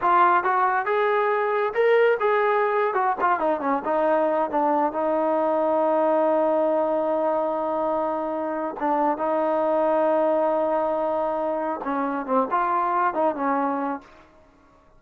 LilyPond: \new Staff \with { instrumentName = "trombone" } { \time 4/4 \tempo 4 = 137 f'4 fis'4 gis'2 | ais'4 gis'4.~ gis'16 fis'8 f'8 dis'16~ | dis'16 cis'8 dis'4. d'4 dis'8.~ | dis'1~ |
dis'1 | d'4 dis'2.~ | dis'2. cis'4 | c'8 f'4. dis'8 cis'4. | }